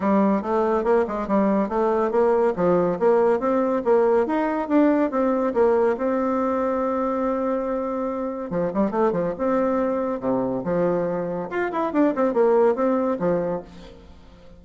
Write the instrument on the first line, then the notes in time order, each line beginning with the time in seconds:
bassoon
0.00 G3
0.42 A3
0.84 A#3
1.07 G#3
1.27 G3
1.68 A3
2.11 A#3
2.56 F3
2.99 A#3
3.39 C4
3.84 A#3
4.26 D#4
4.68 D4
5.10 C4
5.53 A#3
5.97 C4
8.50 F3
8.73 G3
8.91 A3
9.12 F3
9.38 C4
10.20 C3
10.64 F3
11.50 F4
11.71 E4
11.93 D4
12.15 C4
12.33 A#3
12.75 C4
13.19 F3